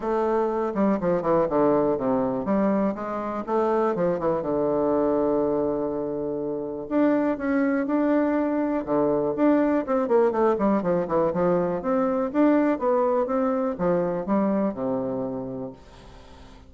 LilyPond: \new Staff \with { instrumentName = "bassoon" } { \time 4/4 \tempo 4 = 122 a4. g8 f8 e8 d4 | c4 g4 gis4 a4 | f8 e8 d2.~ | d2 d'4 cis'4 |
d'2 d4 d'4 | c'8 ais8 a8 g8 f8 e8 f4 | c'4 d'4 b4 c'4 | f4 g4 c2 | }